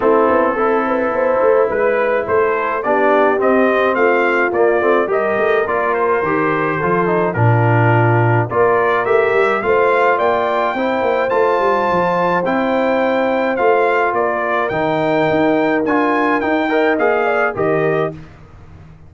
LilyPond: <<
  \new Staff \with { instrumentName = "trumpet" } { \time 4/4 \tempo 4 = 106 a'2. b'4 | c''4 d''4 dis''4 f''4 | d''4 dis''4 d''8 c''4.~ | c''4 ais'2 d''4 |
e''4 f''4 g''2 | a''2 g''2 | f''4 d''4 g''2 | gis''4 g''4 f''4 dis''4 | }
  \new Staff \with { instrumentName = "horn" } { \time 4/4 e'4 a'8 b'8 c''4 b'4 | a'4 g'2 f'4~ | f'4 ais'2. | a'4 f'2 ais'4~ |
ais'4 c''4 d''4 c''4~ | c''1~ | c''4 ais'2.~ | ais'4. dis''4 d''8 ais'4 | }
  \new Staff \with { instrumentName = "trombone" } { \time 4/4 c'4 e'2.~ | e'4 d'4 c'2 | ais8 c'8 g'4 f'4 g'4 | f'8 dis'8 d'2 f'4 |
g'4 f'2 e'4 | f'2 e'2 | f'2 dis'2 | f'4 dis'8 ais'8 gis'4 g'4 | }
  \new Staff \with { instrumentName = "tuba" } { \time 4/4 a8 b8 c'4 b8 a8 gis4 | a4 b4 c'4 a4 | ais8 a8 g8 a8 ais4 dis4 | f4 ais,2 ais4 |
a8 g8 a4 ais4 c'8 ais8 | a8 g8 f4 c'2 | a4 ais4 dis4 dis'4 | d'4 dis'4 ais4 dis4 | }
>>